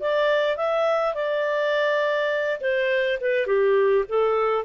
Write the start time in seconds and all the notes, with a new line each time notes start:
0.00 D5
0.57 E5
1.15 D5
2.61 C5
3.21 B4
3.47 G4
4.09 A4